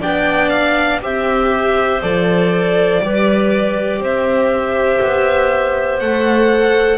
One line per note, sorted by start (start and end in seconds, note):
0.00 1.03 B3
0.00 1.01 D4
0.00 1.00 D5
0.00 0.49 G5
0.49 0.99 F5
1.02 2.03 C4
1.02 2.02 G4
1.02 3.04 C5
1.02 2.02 E5
2.02 3.00 F3
2.02 3.02 A4
2.02 4.02 D5
3.00 4.00 G3
3.00 6.03 G4
3.00 4.01 B4
4.00 5.00 C4
4.00 6.99 C5
4.00 6.00 E5
5.01 6.01 B3
6.00 6.99 A3
6.00 6.99 A4
6.00 6.99 F#5